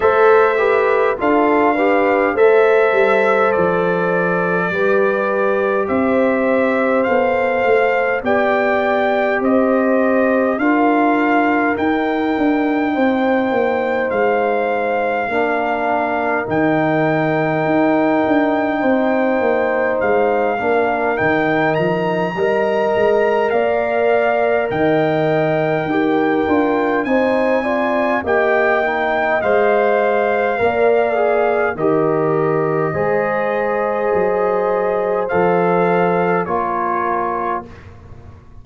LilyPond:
<<
  \new Staff \with { instrumentName = "trumpet" } { \time 4/4 \tempo 4 = 51 e''4 f''4 e''4 d''4~ | d''4 e''4 f''4 g''4 | dis''4 f''4 g''2 | f''2 g''2~ |
g''4 f''4 g''8 ais''4. | f''4 g''2 gis''4 | g''4 f''2 dis''4~ | dis''2 f''4 cis''4 | }
  \new Staff \with { instrumentName = "horn" } { \time 4/4 c''8 b'8 a'8 b'8 c''2 | b'4 c''2 d''4 | c''4 ais'2 c''4~ | c''4 ais'2. |
c''4. ais'4. dis''4 | d''4 dis''4 ais'4 c''8 d''8 | dis''2 d''4 ais'4 | c''2. ais'4 | }
  \new Staff \with { instrumentName = "trombone" } { \time 4/4 a'8 g'8 f'8 g'8 a'2 | g'2 a'4 g'4~ | g'4 f'4 dis'2~ | dis'4 d'4 dis'2~ |
dis'4. d'8 dis'4 ais'4~ | ais'2 g'8 f'8 dis'8 f'8 | g'8 dis'8 c''4 ais'8 gis'8 g'4 | gis'2 a'4 f'4 | }
  \new Staff \with { instrumentName = "tuba" } { \time 4/4 a4 d'4 a8 g8 f4 | g4 c'4 b8 a8 b4 | c'4 d'4 dis'8 d'8 c'8 ais8 | gis4 ais4 dis4 dis'8 d'8 |
c'8 ais8 gis8 ais8 dis8 f8 g8 gis8 | ais4 dis4 dis'8 d'8 c'4 | ais4 gis4 ais4 dis4 | gis4 fis4 f4 ais4 | }
>>